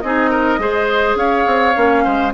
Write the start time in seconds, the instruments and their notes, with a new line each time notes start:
0.00 bassoon C4, clarinet D#4, oboe G#4, flute D#5
0.30 oboe A#4
0.58 bassoon G#3, clarinet G#4, oboe C5
1.15 bassoon C#4, oboe C#5, flute F5
1.46 bassoon C4
1.74 bassoon A#3, clarinet C#4
2.04 bassoon G#3, oboe C5